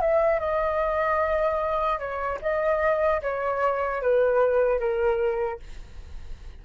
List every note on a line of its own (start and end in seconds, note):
0.00 0.39 E5
0.39 1.99 D#5
1.99 2.39 C#5
2.41 3.21 D#5
3.21 4.01 C#5
4.01 4.79 B4
4.79 5.59 A#4